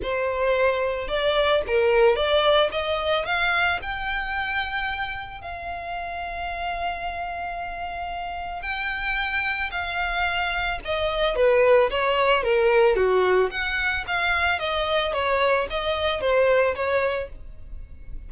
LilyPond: \new Staff \with { instrumentName = "violin" } { \time 4/4 \tempo 4 = 111 c''2 d''4 ais'4 | d''4 dis''4 f''4 g''4~ | g''2 f''2~ | f''1 |
g''2 f''2 | dis''4 b'4 cis''4 ais'4 | fis'4 fis''4 f''4 dis''4 | cis''4 dis''4 c''4 cis''4 | }